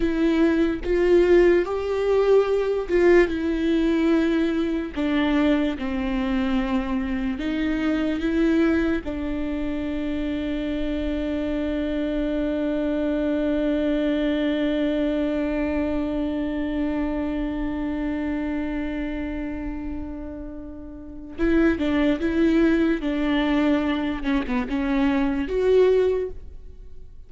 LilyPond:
\new Staff \with { instrumentName = "viola" } { \time 4/4 \tempo 4 = 73 e'4 f'4 g'4. f'8 | e'2 d'4 c'4~ | c'4 dis'4 e'4 d'4~ | d'1~ |
d'1~ | d'1~ | d'2 e'8 d'8 e'4 | d'4. cis'16 b16 cis'4 fis'4 | }